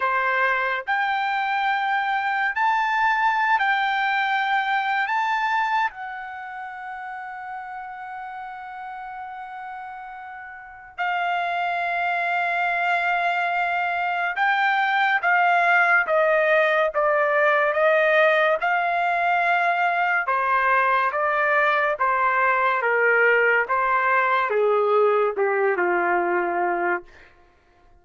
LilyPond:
\new Staff \with { instrumentName = "trumpet" } { \time 4/4 \tempo 4 = 71 c''4 g''2 a''4~ | a''16 g''4.~ g''16 a''4 fis''4~ | fis''1~ | fis''4 f''2.~ |
f''4 g''4 f''4 dis''4 | d''4 dis''4 f''2 | c''4 d''4 c''4 ais'4 | c''4 gis'4 g'8 f'4. | }